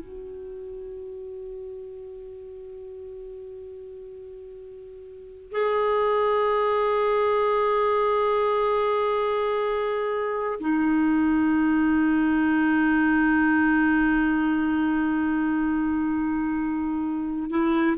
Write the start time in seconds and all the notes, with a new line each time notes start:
0.00 F#4
5.52 G#4
10.61 D#4
17.50 E4